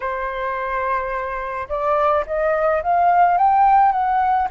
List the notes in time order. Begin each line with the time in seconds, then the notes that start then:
0.00 C5
1.68 D5
2.26 D#5
2.82 F5
3.37 G5
3.92 F#5